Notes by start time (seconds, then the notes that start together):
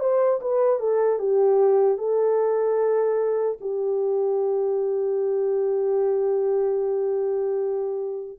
0.00 C5
0.41 B4
0.80 A4
1.19 G4
1.98 A4
3.61 G4